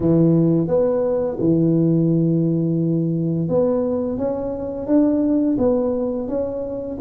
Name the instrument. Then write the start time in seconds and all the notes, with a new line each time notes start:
tuba
0.00 E3
0.67 B3
1.40 E3
3.48 B3
4.17 C#4
4.86 D4
5.58 B3
6.28 C#4